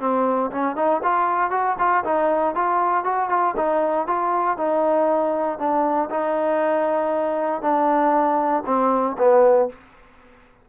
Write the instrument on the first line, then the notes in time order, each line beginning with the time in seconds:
trombone
0.00 C4
0.51 C#4
0.76 D#4
1.03 F4
1.51 F#4
1.78 F4
2.04 D#4
2.55 F4
3.04 F#4
3.29 F4
3.57 D#4
4.07 F4
4.58 D#4
5.59 D4
6.10 D#4
7.62 D4
8.66 C4
9.18 B3